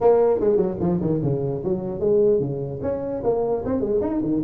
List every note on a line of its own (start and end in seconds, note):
0.01 0.40 A#3
0.40 0.57 G#3
0.57 0.77 F#3
0.80 1.00 F3
1.00 1.21 D#3
1.22 1.63 C#3
1.63 1.99 F#3
1.99 2.39 G#3
2.39 2.80 C#3
2.82 3.22 C#4
3.23 3.64 A#3
3.65 3.80 C4
3.80 4.00 G#3
4.01 4.21 D#4
4.22 4.42 D#3